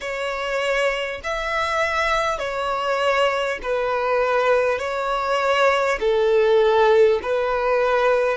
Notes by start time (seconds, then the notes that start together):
0.00 C#5
1.23 E5
2.38 C#5
3.62 B4
4.78 C#5
5.99 A4
7.22 B4